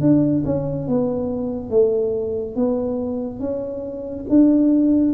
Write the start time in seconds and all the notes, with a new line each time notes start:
0.00 D4
0.45 C#4
0.87 B3
1.69 A3
2.55 B3
3.39 C#4
4.29 D4